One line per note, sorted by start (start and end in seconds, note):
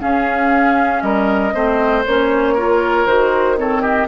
0.00 1.53 C#4
0.00 1.02 C#4
0.00 1.03 G#4
0.00 1.01 F5
1.01 1.53 G3
1.01 1.54 A#4
1.01 2.03 D#5
1.53 2.05 A3
1.53 2.04 C4
1.53 2.54 C5
2.05 3.06 A#3
2.05 2.57 C#4
2.05 3.07 C#5
2.54 3.07 F4
2.54 3.56 A#4
3.06 4.07 D#3
3.06 3.57 F#4
3.06 3.58 C5
3.57 4.07 C4
3.57 3.82 A4
3.57 3.82 C#5
3.82 4.07 G4
3.82 4.07 D#5